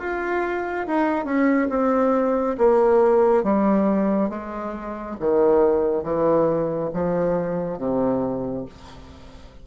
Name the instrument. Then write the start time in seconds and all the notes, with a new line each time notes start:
bassoon
0.00 F4
0.87 D#4
1.25 C#4
1.70 C4
2.58 A#3
3.44 G3
4.30 G#3
5.21 D#3
6.04 E3
6.94 F3
7.79 C3